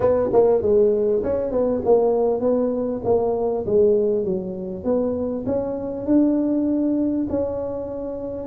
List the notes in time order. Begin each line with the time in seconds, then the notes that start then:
0.00 B3
0.33 A#3
0.62 G#3
1.23 C#4
1.51 B3
1.84 A#3
2.40 B3
3.04 A#3
3.65 G#3
4.25 F#3
4.84 B3
5.45 C#4
6.06 D4
7.29 C#4